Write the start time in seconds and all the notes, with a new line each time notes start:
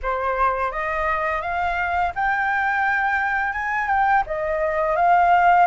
0.02 C5
0.71 D#5
1.41 F5
2.15 G5
3.53 G#5
3.87 G5
4.26 D#5
4.95 F5